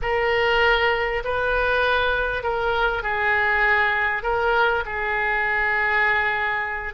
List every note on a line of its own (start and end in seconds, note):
0.02 1.23 A#4
1.24 2.43 B4
2.43 3.02 A#4
3.02 4.23 G#4
4.23 4.83 A#4
4.85 6.94 G#4